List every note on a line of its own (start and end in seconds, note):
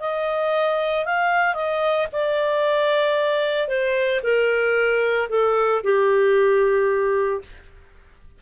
0.00 1.05 D#5
1.05 1.55 F5
1.55 2.07 D#5
2.12 3.68 D5
3.68 4.21 C5
4.23 5.28 A#4
5.29 5.82 A4
5.84 7.42 G4